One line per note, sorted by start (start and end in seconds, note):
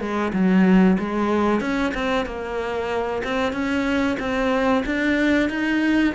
0.00 0.32 G#3
0.33 0.97 F#3
0.99 1.61 G#3
1.61 1.93 C#4
1.94 2.26 C4
2.26 3.23 A#3
3.24 3.52 C4
3.52 4.17 C#4
4.19 4.84 C4
4.86 5.49 D4
5.49 6.14 D#4